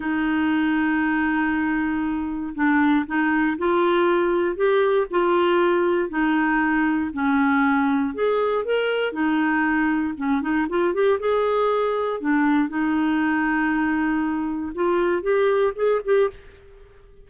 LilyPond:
\new Staff \with { instrumentName = "clarinet" } { \time 4/4 \tempo 4 = 118 dis'1~ | dis'4 d'4 dis'4 f'4~ | f'4 g'4 f'2 | dis'2 cis'2 |
gis'4 ais'4 dis'2 | cis'8 dis'8 f'8 g'8 gis'2 | d'4 dis'2.~ | dis'4 f'4 g'4 gis'8 g'8 | }